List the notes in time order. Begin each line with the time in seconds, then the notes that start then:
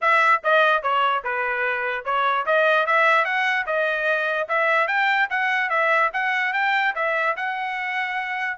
0.01 E5
0.43 D#5
0.82 C#5
1.24 B4
2.04 C#5
2.45 D#5
2.86 E5
3.24 F#5
3.66 D#5
4.48 E5
4.87 G5
5.30 F#5
5.69 E5
6.13 F#5
6.53 G5
6.95 E5
7.36 F#5